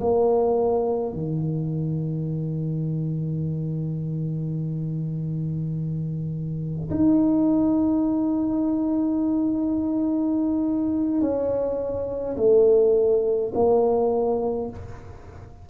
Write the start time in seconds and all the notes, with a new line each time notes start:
0.00 A#3
1.13 D#3
6.90 D#4
11.21 C#4
12.37 A3
13.54 A#3